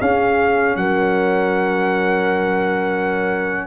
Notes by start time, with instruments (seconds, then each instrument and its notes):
0.00 tuba C#4, trombone C#4, horn G#4, trumpet F5
0.76 tuba F#3, horn A#4, trumpet F#5